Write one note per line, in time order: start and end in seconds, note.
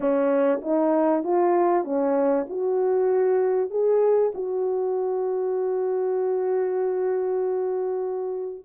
0.00 0.60 C#4
0.61 1.23 D#4
1.23 1.84 F4
1.84 2.46 C#4
2.49 3.70 F#4
3.70 4.32 G#4
4.34 8.65 F#4